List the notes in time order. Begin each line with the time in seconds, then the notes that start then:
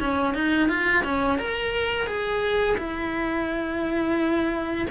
0.00 C#4
0.35 D#4
0.69 F4
1.04 C#4
1.39 A#4
2.07 G#4
2.78 E4